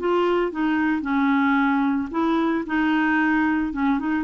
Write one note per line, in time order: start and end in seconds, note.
0.00 0.52 F4
0.52 1.02 D#4
1.02 2.09 C#4
2.11 2.65 E4
2.67 3.73 D#4
3.73 4.00 C#4
4.00 4.24 D#4